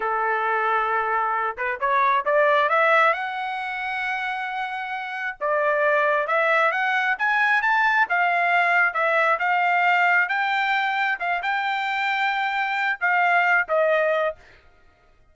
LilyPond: \new Staff \with { instrumentName = "trumpet" } { \time 4/4 \tempo 4 = 134 a'2.~ a'8 b'8 | cis''4 d''4 e''4 fis''4~ | fis''1 | d''2 e''4 fis''4 |
gis''4 a''4 f''2 | e''4 f''2 g''4~ | g''4 f''8 g''2~ g''8~ | g''4 f''4. dis''4. | }